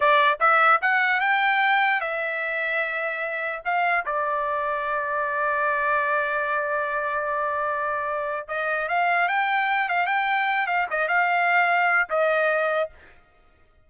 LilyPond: \new Staff \with { instrumentName = "trumpet" } { \time 4/4 \tempo 4 = 149 d''4 e''4 fis''4 g''4~ | g''4 e''2.~ | e''4 f''4 d''2~ | d''1~ |
d''1~ | d''4 dis''4 f''4 g''4~ | g''8 f''8 g''4. f''8 dis''8 f''8~ | f''2 dis''2 | }